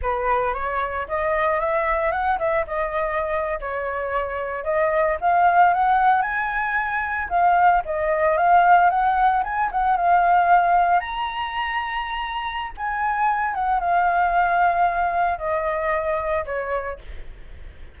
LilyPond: \new Staff \with { instrumentName = "flute" } { \time 4/4 \tempo 4 = 113 b'4 cis''4 dis''4 e''4 | fis''8 e''8 dis''4.~ dis''16 cis''4~ cis''16~ | cis''8. dis''4 f''4 fis''4 gis''16~ | gis''4.~ gis''16 f''4 dis''4 f''16~ |
f''8. fis''4 gis''8 fis''8 f''4~ f''16~ | f''8. ais''2.~ ais''16 | gis''4. fis''8 f''2~ | f''4 dis''2 cis''4 | }